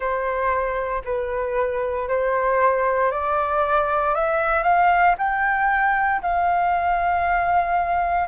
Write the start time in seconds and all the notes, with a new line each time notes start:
0.00 C5
1.04 B4
2.08 C5
3.11 D5
4.14 E5
4.63 F5
5.18 G5
6.22 F5